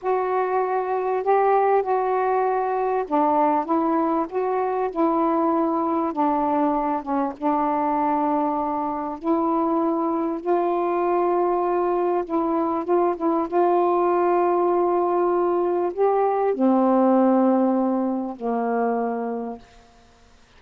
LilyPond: \new Staff \with { instrumentName = "saxophone" } { \time 4/4 \tempo 4 = 98 fis'2 g'4 fis'4~ | fis'4 d'4 e'4 fis'4 | e'2 d'4. cis'8 | d'2. e'4~ |
e'4 f'2. | e'4 f'8 e'8 f'2~ | f'2 g'4 c'4~ | c'2 ais2 | }